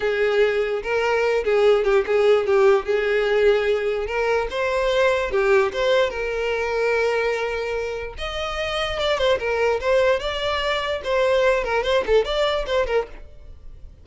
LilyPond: \new Staff \with { instrumentName = "violin" } { \time 4/4 \tempo 4 = 147 gis'2 ais'4. gis'8~ | gis'8 g'8 gis'4 g'4 gis'4~ | gis'2 ais'4 c''4~ | c''4 g'4 c''4 ais'4~ |
ais'1 | dis''2 d''8 c''8 ais'4 | c''4 d''2 c''4~ | c''8 ais'8 c''8 a'8 d''4 c''8 ais'8 | }